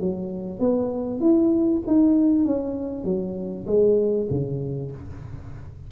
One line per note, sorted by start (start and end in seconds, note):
0.00 0.60 F#3
0.60 1.21 B3
1.21 1.82 E4
1.87 2.45 D#4
2.45 3.05 C#4
3.05 3.66 F#3
3.67 4.28 G#3
4.31 4.92 C#3